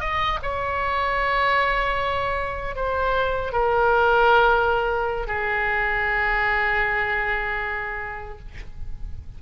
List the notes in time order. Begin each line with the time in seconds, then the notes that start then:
0.00 D#5
0.43 C#5
2.75 C5
3.52 A#4
5.27 G#4